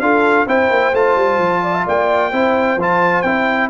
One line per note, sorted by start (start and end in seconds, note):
0.00 0.46 D4
0.00 0.47 F4
0.00 0.47 A4
0.00 0.47 F5
0.47 0.70 C4
0.47 0.94 E4
0.47 1.62 C5
0.47 0.95 G5
0.70 0.93 A#3
0.93 1.16 A3
0.93 2.32 F4
0.93 1.87 A5
1.16 1.39 G3
1.39 1.85 F3
1.63 1.74 D5
1.74 1.85 E5
1.86 2.32 A#3
1.86 2.32 D5
1.86 2.81 G5
2.32 2.77 C4
2.32 2.79 E4
2.32 3.70 C5
2.77 3.23 F3
2.77 3.25 F4
2.77 3.22 A5
3.22 3.70 C4
3.22 3.70 E4
3.22 3.68 G5